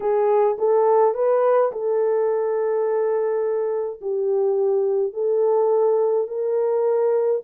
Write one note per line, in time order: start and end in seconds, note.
0.00 0.57 G#4
0.58 1.14 A4
1.14 1.71 B4
1.71 4.00 A4
4.01 5.13 G4
5.13 6.27 A4
6.27 7.41 A#4